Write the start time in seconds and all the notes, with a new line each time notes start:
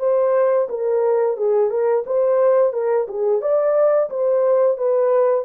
0.00 C5
0.69 A#4
1.38 G#4
1.70 A#4
2.07 C5
2.73 A#4
3.08 G#4
3.42 D5
4.10 C5
4.78 B4